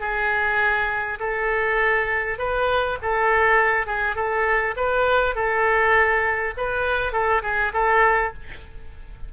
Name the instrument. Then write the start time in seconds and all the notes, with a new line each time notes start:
oboe
0.00 G#4
1.20 A4
2.38 B4
3.02 A4
3.86 G#4
4.16 A4
4.77 B4
5.35 A4
6.57 B4
7.12 A4
7.43 G#4
7.73 A4